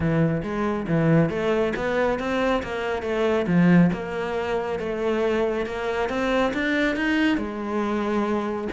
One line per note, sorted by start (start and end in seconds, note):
0.00 0.42 E3
0.42 0.86 G#3
0.87 1.29 E3
1.29 1.73 A3
1.75 2.19 B3
2.19 2.62 C4
2.62 3.02 A#3
3.02 3.45 A3
3.47 3.90 F3
3.92 4.79 A#3
4.79 5.66 A3
5.66 6.09 A#3
6.09 6.52 C4
6.53 6.96 D4
6.96 7.37 D#4
7.37 8.68 G#3